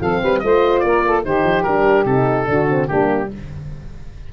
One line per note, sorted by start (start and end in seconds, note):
0.00 0.21 F3
0.00 0.43 C4
0.00 0.21 A4
0.00 0.39 F5
0.21 0.43 G3
0.21 0.42 B4
0.39 0.83 A3
0.39 1.23 F4
0.39 0.85 C5
0.39 0.79 D#5
0.79 1.25 A#3
0.79 1.05 A#4
0.79 1.20 D5
1.06 1.24 A4
1.23 1.43 D#3
1.23 1.64 D#4
1.23 2.47 G4
1.23 1.63 C5
1.43 1.64 F3
1.63 2.05 G3
1.63 2.06 D4
1.63 2.04 A#4
2.05 2.46 C3
2.05 2.46 D#4
2.05 2.87 A4
2.46 2.89 D3
2.46 2.66 D4
2.46 2.88 F#4
2.68 2.87 C4
2.87 3.32 G3
2.87 3.29 A#3
2.87 3.29 D4
2.87 3.28 G4